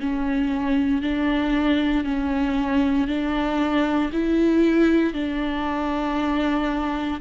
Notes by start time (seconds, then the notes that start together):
0.00 C#4
1.02 D4
2.05 C#4
3.08 D4
4.13 E4
5.14 D4